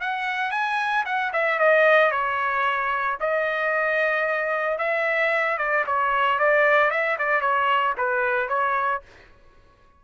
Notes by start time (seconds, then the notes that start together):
0.00 F#5
0.51 G#5
1.05 F#5
1.33 E5
1.59 D#5
2.11 C#5
3.20 D#5
4.78 E5
5.58 D5
5.86 C#5
6.39 D5
6.90 E5
7.18 D5
7.40 C#5
7.97 B4
8.48 C#5